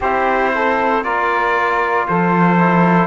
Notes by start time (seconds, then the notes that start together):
0.00 C4 E4 G4 C5
0.54 A4
1.03 A#3 F4 A#4 D5
2.07 F3 A4 C5
2.58 E4